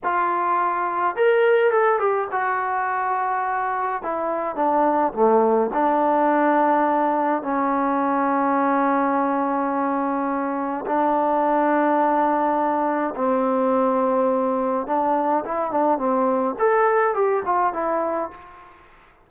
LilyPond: \new Staff \with { instrumentName = "trombone" } { \time 4/4 \tempo 4 = 105 f'2 ais'4 a'8 g'8 | fis'2. e'4 | d'4 a4 d'2~ | d'4 cis'2.~ |
cis'2. d'4~ | d'2. c'4~ | c'2 d'4 e'8 d'8 | c'4 a'4 g'8 f'8 e'4 | }